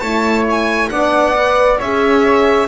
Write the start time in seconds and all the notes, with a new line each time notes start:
0.00 A3 E4 C#5 A5
0.51 G#5
0.90 B3 D4 D5 F#5
1.36 B4
1.79 C#4 G#4 C#5 E5